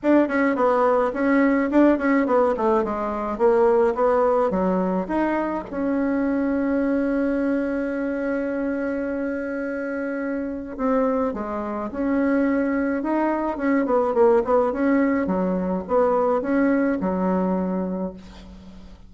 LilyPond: \new Staff \with { instrumentName = "bassoon" } { \time 4/4 \tempo 4 = 106 d'8 cis'8 b4 cis'4 d'8 cis'8 | b8 a8 gis4 ais4 b4 | fis4 dis'4 cis'2~ | cis'1~ |
cis'2. c'4 | gis4 cis'2 dis'4 | cis'8 b8 ais8 b8 cis'4 fis4 | b4 cis'4 fis2 | }